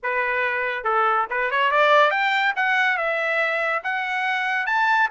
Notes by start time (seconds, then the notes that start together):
0.02 B4
0.84 A4
1.30 B4
1.50 C#5
1.71 D5
2.11 G5
2.56 F#5
2.97 E5
3.83 F#5
4.66 A5